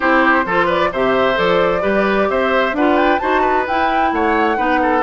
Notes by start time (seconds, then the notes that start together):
0.00 C4 E4 G4 C5
0.45 F3 F4 A4
0.66 B4 D5
0.92 C3 G4 C5 E5
1.35 F3 A4 D5
1.81 G3 G4 B4
2.29 C4 C5 E5
2.72 D4 F4 B4 F#5
2.96 G5
3.19 D#4 F#4 C5 A5
3.41 B4
3.67 E4 G5
4.12 A3 C#5 F#5
4.56 B3 D#4 B4
4.82 A4